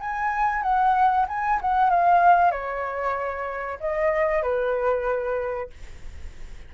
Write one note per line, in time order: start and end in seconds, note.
0.00 0.62 G#5
0.62 1.26 F#5
1.28 1.60 G#5
1.61 1.90 F#5
1.90 2.51 F5
2.51 3.79 C#5
3.80 4.42 D#5
4.42 5.70 B4